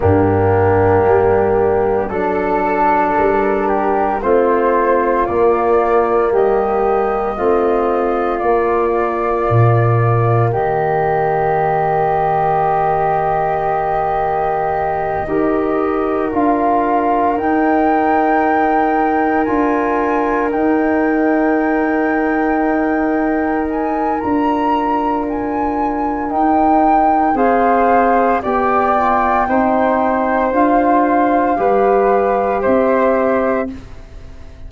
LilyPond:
<<
  \new Staff \with { instrumentName = "flute" } { \time 4/4 \tempo 4 = 57 g'2 a'4 ais'4 | c''4 d''4 dis''2 | d''2 dis''2~ | dis''2.~ dis''8 f''8~ |
f''8 g''2 gis''4 g''8~ | g''2~ g''8 gis''8 ais''4 | gis''4 g''4 f''4 g''4~ | g''4 f''2 e''4 | }
  \new Staff \with { instrumentName = "flute" } { \time 4/4 d'2 a'4. g'8 | f'2 g'4 f'4~ | f'2 g'2~ | g'2~ g'8 ais'4.~ |
ais'1~ | ais'1~ | ais'2 c''4 d''4 | c''2 b'4 c''4 | }
  \new Staff \with { instrumentName = "trombone" } { \time 4/4 ais2 d'2 | c'4 ais2 c'4 | ais1~ | ais2~ ais8 g'4 f'8~ |
f'8 dis'2 f'4 dis'8~ | dis'2. f'4~ | f'4 dis'4 gis'4 g'8 f'8 | dis'4 f'4 g'2 | }
  \new Staff \with { instrumentName = "tuba" } { \time 4/4 g,4 g4 fis4 g4 | a4 ais4 g4 a4 | ais4 ais,4 dis2~ | dis2~ dis8 dis'4 d'8~ |
d'8 dis'2 d'4 dis'8~ | dis'2. d'4~ | d'4 dis'4 c'4 b4 | c'4 d'4 g4 c'4 | }
>>